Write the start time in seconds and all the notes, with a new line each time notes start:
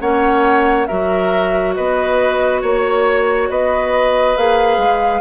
0.00 A#3 C#4 C#5 F#5
0.86 F#3 F#4 A#4 E5
1.74 B3 B4 D#5
2.61 A#3 C#5
3.49 B3 B4 D#5
4.37 A#3 G#4 F5
4.77 G#3